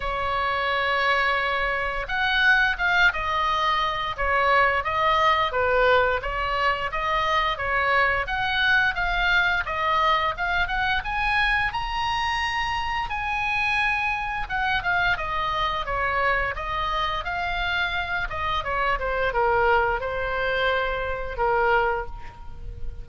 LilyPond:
\new Staff \with { instrumentName = "oboe" } { \time 4/4 \tempo 4 = 87 cis''2. fis''4 | f''8 dis''4. cis''4 dis''4 | b'4 cis''4 dis''4 cis''4 | fis''4 f''4 dis''4 f''8 fis''8 |
gis''4 ais''2 gis''4~ | gis''4 fis''8 f''8 dis''4 cis''4 | dis''4 f''4. dis''8 cis''8 c''8 | ais'4 c''2 ais'4 | }